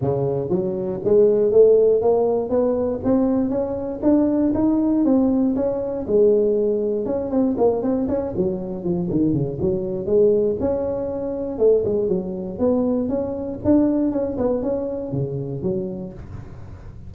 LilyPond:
\new Staff \with { instrumentName = "tuba" } { \time 4/4 \tempo 4 = 119 cis4 fis4 gis4 a4 | ais4 b4 c'4 cis'4 | d'4 dis'4 c'4 cis'4 | gis2 cis'8 c'8 ais8 c'8 |
cis'8 fis4 f8 dis8 cis8 fis4 | gis4 cis'2 a8 gis8 | fis4 b4 cis'4 d'4 | cis'8 b8 cis'4 cis4 fis4 | }